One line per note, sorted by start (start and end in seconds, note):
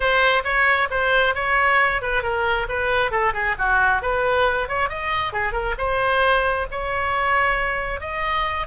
0.00 0.43 C5
0.43 0.88 C#5
0.90 1.34 C5
1.35 2.01 C#5
2.01 2.22 B4
2.22 2.67 A#4
2.68 3.11 B4
3.11 3.33 A4
3.33 3.55 G#4
3.58 4.02 F#4
4.02 4.68 B4
4.68 4.89 C#5
4.89 5.33 D#5
5.33 5.52 G#4
5.52 5.74 A#4
5.77 6.66 C5
6.71 8.00 C#5
8.00 8.66 D#5